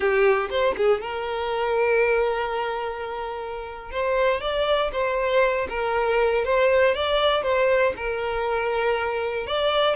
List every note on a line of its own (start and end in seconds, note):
0.00 0.49 G4
0.50 0.75 C5
0.76 1.01 G#4
1.01 3.91 A#4
3.91 4.40 C5
4.40 4.91 D5
4.92 5.67 C5
5.69 6.44 A#4
6.44 6.94 C5
6.94 7.43 D5
7.43 7.93 C5
7.96 9.46 A#4
9.46 9.96 D5